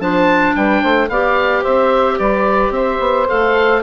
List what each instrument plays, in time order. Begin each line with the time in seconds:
0.00 bassoon F3, clarinet D4, saxophone C5, oboe A5
0.56 bassoon G3, saxophone B4, oboe G5
0.82 bassoon A3, saxophone C5
1.09 bassoon B3, clarinet G4, saxophone D5, oboe F5
1.62 bassoon C4, saxophone C5, oboe E5
2.19 bassoon G3, saxophone B4, oboe D5
2.71 bassoon C4, saxophone C5, oboe E5
3.00 bassoon B3
3.28 bassoon A3, clarinet A4, oboe F5